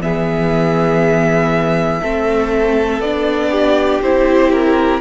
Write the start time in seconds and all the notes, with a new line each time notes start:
0.00 E3 B3 G#4 E5
2.02 A3 C4 A4
2.99 B3 D4 D5
3.51 G4
4.01 C4 E4 C5
4.52 A#4